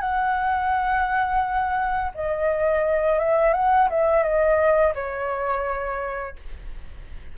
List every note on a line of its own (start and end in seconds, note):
0.00 2.12 F#5
2.14 3.19 D#5
3.19 3.53 E5
3.53 3.89 F#5
3.89 4.23 E5
4.23 4.93 D#5
4.94 6.35 C#5